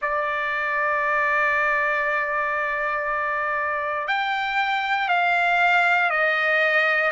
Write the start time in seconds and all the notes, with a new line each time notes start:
0.01 D5
4.07 G5
5.08 F5
6.10 D#5